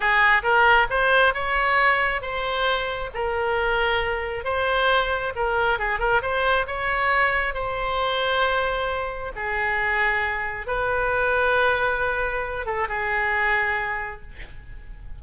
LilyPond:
\new Staff \with { instrumentName = "oboe" } { \time 4/4 \tempo 4 = 135 gis'4 ais'4 c''4 cis''4~ | cis''4 c''2 ais'4~ | ais'2 c''2 | ais'4 gis'8 ais'8 c''4 cis''4~ |
cis''4 c''2.~ | c''4 gis'2. | b'1~ | b'8 a'8 gis'2. | }